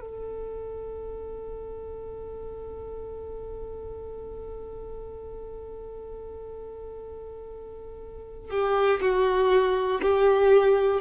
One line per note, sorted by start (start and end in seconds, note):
0.00 8.50 A4
8.50 9.00 G4
9.00 10.00 F#4
10.02 11.00 G4